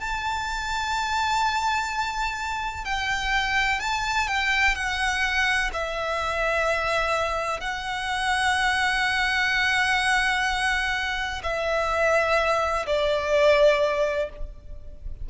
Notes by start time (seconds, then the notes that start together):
0.00 A5
2.85 G5
3.80 A5
4.28 G5
4.75 F#5
5.73 E5
7.61 F#5
11.43 E5
12.87 D5